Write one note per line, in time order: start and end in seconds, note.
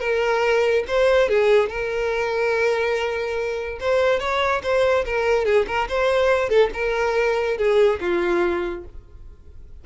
0.00 0.84 A#4
0.87 1.29 C5
1.29 1.69 G#4
1.69 3.79 A#4
3.80 4.19 C5
4.19 4.61 C#5
4.63 5.05 C5
5.05 5.45 A#4
5.45 5.66 G#4
5.67 5.88 A#4
5.88 6.49 C5
6.49 6.70 A4
6.73 7.57 A#4
7.58 7.99 G#4
8.00 8.84 F4